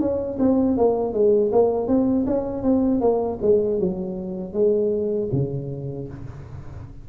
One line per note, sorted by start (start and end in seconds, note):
0.00 0.38 C#4
0.39 0.77 C4
0.77 1.13 A#3
1.13 1.51 G#3
1.52 1.87 A#3
1.87 2.25 C4
2.26 2.63 C#4
2.63 3.00 C4
3.00 3.38 A#3
3.41 3.79 G#3
3.79 4.53 F#3
4.53 5.29 G#3
5.32 6.08 C#3